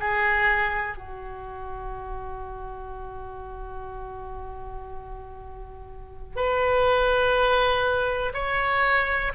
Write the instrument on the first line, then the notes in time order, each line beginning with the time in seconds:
oboe
0.00 G#4
0.97 F#4
6.36 B4
8.34 C#5